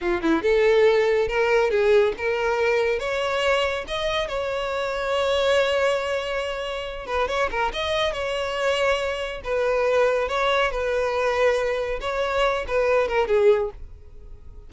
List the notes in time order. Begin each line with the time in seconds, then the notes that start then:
0.01 F4
0.22 E4
0.42 A4
1.27 A#4
1.70 G#4
2.17 A#4
2.99 C#5
3.87 D#5
4.27 C#5
7.06 B4
7.28 C#5
7.50 A#4
7.73 D#5
8.13 C#5
9.44 B4
10.28 C#5
10.71 B4
12.01 C#5
12.67 B4
13.08 A#4
13.27 G#4